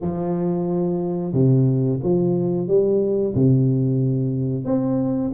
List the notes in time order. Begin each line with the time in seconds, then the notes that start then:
0.01 F3
1.33 C3
2.02 F3
2.67 G3
3.34 C3
4.65 C4